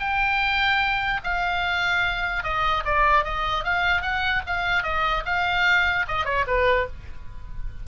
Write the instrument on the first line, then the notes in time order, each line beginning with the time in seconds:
oboe
0.00 G5
1.24 F5
2.43 D#5
2.85 D5
3.25 D#5
3.64 F5
4.02 F#5
4.47 F5
4.83 D#5
5.26 F5
6.08 D#5
6.25 C#5
6.47 B4